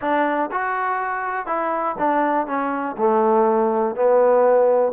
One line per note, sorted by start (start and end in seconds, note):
0.01 0.50 D4
0.51 1.46 F#4
1.46 1.95 E4
1.98 2.46 D4
2.46 2.96 C#4
2.97 3.95 A3
3.95 4.92 B3